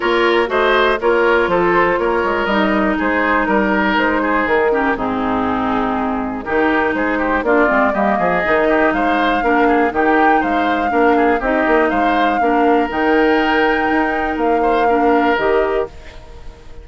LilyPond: <<
  \new Staff \with { instrumentName = "flute" } { \time 4/4 \tempo 4 = 121 cis''4 dis''4 cis''4 c''4 | cis''4 dis''4 c''4 ais'4 | c''4 ais'4 gis'2~ | gis'4 ais'4 c''4 d''4 |
dis''2 f''2 | g''4 f''2 dis''4 | f''2 g''2~ | g''4 f''2 dis''4 | }
  \new Staff \with { instrumentName = "oboe" } { \time 4/4 ais'4 c''4 ais'4 a'4 | ais'2 gis'4 ais'4~ | ais'8 gis'4 g'8 dis'2~ | dis'4 g'4 gis'8 g'8 f'4 |
g'8 gis'4 g'8 c''4 ais'8 gis'8 | g'4 c''4 ais'8 gis'8 g'4 | c''4 ais'2.~ | ais'4. c''8 ais'2 | }
  \new Staff \with { instrumentName = "clarinet" } { \time 4/4 f'4 fis'4 f'2~ | f'4 dis'2.~ | dis'4. cis'8 c'2~ | c'4 dis'2 d'8 c'8 |
ais4 dis'2 d'4 | dis'2 d'4 dis'4~ | dis'4 d'4 dis'2~ | dis'2 d'4 g'4 | }
  \new Staff \with { instrumentName = "bassoon" } { \time 4/4 ais4 a4 ais4 f4 | ais8 gis8 g4 gis4 g4 | gis4 dis4 gis,2~ | gis,4 dis4 gis4 ais8 gis8 |
g8 f8 dis4 gis4 ais4 | dis4 gis4 ais4 c'8 ais8 | gis4 ais4 dis2 | dis'4 ais2 dis4 | }
>>